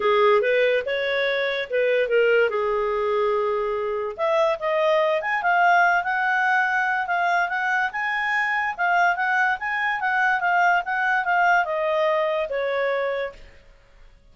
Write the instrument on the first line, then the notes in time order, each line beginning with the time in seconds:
clarinet
0.00 G#4
0.41 B4
0.85 C#5
1.70 B4
2.08 A#4
2.49 G#4
4.16 E5
4.59 D#5
5.21 G#5
5.42 F5
6.03 F#5
7.07 F5
7.48 F#5
7.92 G#5
8.77 F5
9.16 F#5
9.59 G#5
10.00 F#5
10.40 F5
10.85 F#5
11.25 F5
11.64 D#5
12.49 C#5